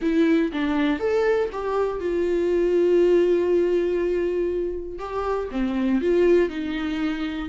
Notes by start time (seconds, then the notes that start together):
0.01 E4
0.52 D4
0.99 A4
1.52 G4
2.00 F4
4.98 G4
5.51 C4
6.01 F4
6.49 D#4